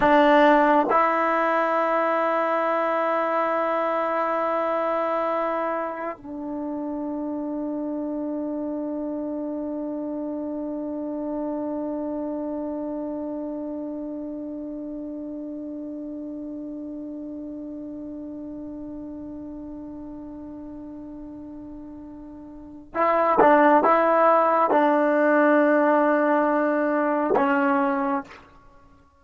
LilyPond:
\new Staff \with { instrumentName = "trombone" } { \time 4/4 \tempo 4 = 68 d'4 e'2.~ | e'2. d'4~ | d'1~ | d'1~ |
d'1~ | d'1~ | d'2 e'8 d'8 e'4 | d'2. cis'4 | }